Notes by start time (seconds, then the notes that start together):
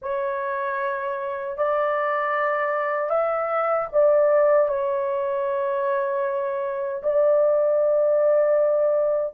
0.02 C#5
1.57 D5
3.10 E5
3.92 D5
4.68 C#5
7.03 D5